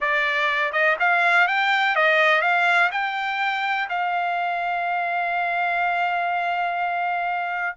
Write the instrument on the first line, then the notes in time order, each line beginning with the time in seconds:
trumpet
0.00 D5
0.72 D#5
0.99 F5
1.47 G5
1.95 D#5
2.41 F5
2.91 G5
3.89 F5